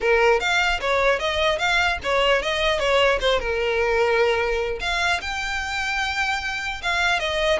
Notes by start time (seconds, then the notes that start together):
0.01 A#4
0.40 F5
0.81 C#5
1.19 D#5
1.58 F5
2.03 C#5
2.42 D#5
2.79 C#5
3.20 C5
3.39 A#4
4.80 F5
5.21 G5
6.82 F5
7.19 D#5